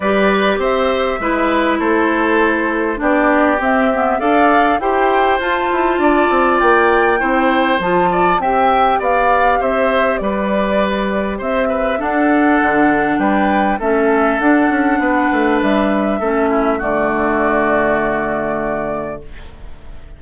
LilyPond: <<
  \new Staff \with { instrumentName = "flute" } { \time 4/4 \tempo 4 = 100 d''4 e''2 c''4~ | c''4 d''4 e''4 f''4 | g''4 a''2 g''4~ | g''4 a''4 g''4 f''4 |
e''4 d''2 e''4 | fis''2 g''4 e''4 | fis''2 e''2 | d''1 | }
  \new Staff \with { instrumentName = "oboe" } { \time 4/4 b'4 c''4 b'4 a'4~ | a'4 g'2 d''4 | c''2 d''2 | c''4. d''8 e''4 d''4 |
c''4 b'2 c''8 b'8 | a'2 b'4 a'4~ | a'4 b'2 a'8 e'8 | fis'1 | }
  \new Staff \with { instrumentName = "clarinet" } { \time 4/4 g'2 e'2~ | e'4 d'4 c'8 b8 a'4 | g'4 f'2. | e'4 f'4 g'2~ |
g'1 | d'2. cis'4 | d'2. cis'4 | a1 | }
  \new Staff \with { instrumentName = "bassoon" } { \time 4/4 g4 c'4 gis4 a4~ | a4 b4 c'4 d'4 | e'4 f'8 e'8 d'8 c'8 ais4 | c'4 f4 c'4 b4 |
c'4 g2 c'4 | d'4 d4 g4 a4 | d'8 cis'8 b8 a8 g4 a4 | d1 | }
>>